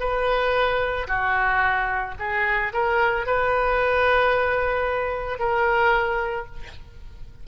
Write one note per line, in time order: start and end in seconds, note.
0.00 1.07 B4
1.08 2.15 F#4
2.19 2.73 G#4
2.73 3.26 A#4
3.26 5.39 B4
5.39 6.46 A#4